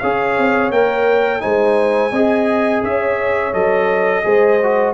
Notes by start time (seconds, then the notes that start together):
0.00 C#4 G#4 C#5 F5
0.39 C4
0.70 A#3 A#4 G5
1.41 G#3 D#4 C5 G#5
2.12 C4 G#4 D#5
2.83 C#4 C#5 E5
3.54 F#3 A4 D#5
4.24 G#3 G#4 C5
4.63 F#4